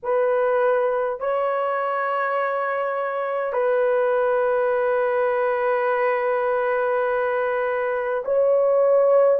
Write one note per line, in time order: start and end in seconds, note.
0.02 1.20 B4
1.20 3.52 C#5
3.52 8.23 B4
8.24 9.39 C#5